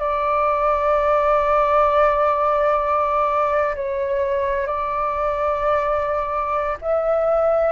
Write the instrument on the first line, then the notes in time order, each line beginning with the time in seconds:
flute
0.00 D5
3.75 C#5
4.67 D5
6.82 E5